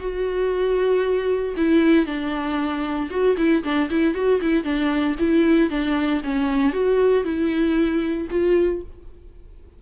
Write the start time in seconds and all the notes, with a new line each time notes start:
0.00 F#4
1.57 E4
2.06 D4
3.11 F#4
3.38 E4
3.64 D4
3.90 E4
4.15 F#4
4.42 E4
4.64 D4
5.20 E4
5.71 D4
6.24 C#4
6.73 F#4
7.24 E4
8.31 F4